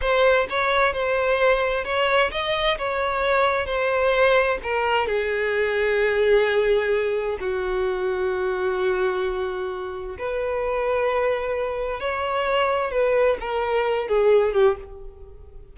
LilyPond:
\new Staff \with { instrumentName = "violin" } { \time 4/4 \tempo 4 = 130 c''4 cis''4 c''2 | cis''4 dis''4 cis''2 | c''2 ais'4 gis'4~ | gis'1 |
fis'1~ | fis'2 b'2~ | b'2 cis''2 | b'4 ais'4. gis'4 g'8 | }